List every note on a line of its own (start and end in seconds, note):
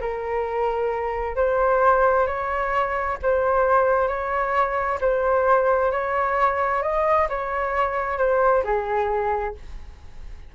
0.00 1.36 A#4
1.36 2.26 C5
2.27 3.18 C#5
3.22 4.08 C5
4.08 4.99 C#5
5.01 5.92 C5
5.92 6.82 C#5
6.82 7.28 D#5
7.29 8.18 C#5
8.18 8.63 C5
8.64 9.55 G#4